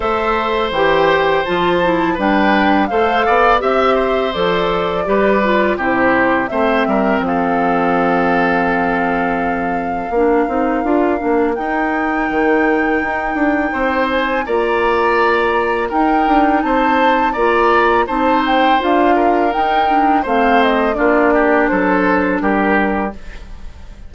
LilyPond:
<<
  \new Staff \with { instrumentName = "flute" } { \time 4/4 \tempo 4 = 83 e''4 g''4 a''4 g''4 | f''4 e''4 d''2 | c''4 e''4 f''2~ | f''1 |
g''2.~ g''8 gis''8 | ais''2 g''4 a''4 | ais''4 a''8 g''8 f''4 g''4 | f''8 dis''8 d''4 c''4 ais'4 | }
  \new Staff \with { instrumentName = "oboe" } { \time 4/4 c''2. b'4 | c''8 d''8 e''8 c''4. b'4 | g'4 c''8 ais'8 a'2~ | a'2 ais'2~ |
ais'2. c''4 | d''2 ais'4 c''4 | d''4 c''4. ais'4. | c''4 f'8 g'8 a'4 g'4 | }
  \new Staff \with { instrumentName = "clarinet" } { \time 4/4 a'4 g'4 f'8 e'8 d'4 | a'4 g'4 a'4 g'8 f'8 | e'4 c'2.~ | c'2 d'8 dis'8 f'8 d'8 |
dis'1 | f'2 dis'2 | f'4 dis'4 f'4 dis'8 d'8 | c'4 d'2. | }
  \new Staff \with { instrumentName = "bassoon" } { \time 4/4 a4 e4 f4 g4 | a8 b8 c'4 f4 g4 | c4 a8 g8 f2~ | f2 ais8 c'8 d'8 ais8 |
dis'4 dis4 dis'8 d'8 c'4 | ais2 dis'8 d'8 c'4 | ais4 c'4 d'4 dis'4 | a4 ais4 fis4 g4 | }
>>